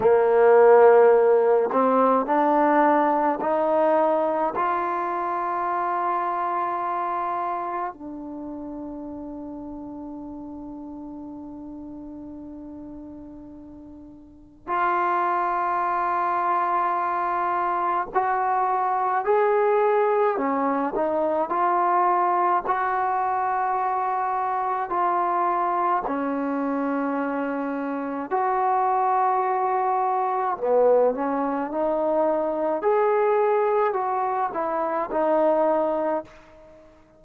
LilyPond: \new Staff \with { instrumentName = "trombone" } { \time 4/4 \tempo 4 = 53 ais4. c'8 d'4 dis'4 | f'2. d'4~ | d'1~ | d'4 f'2. |
fis'4 gis'4 cis'8 dis'8 f'4 | fis'2 f'4 cis'4~ | cis'4 fis'2 b8 cis'8 | dis'4 gis'4 fis'8 e'8 dis'4 | }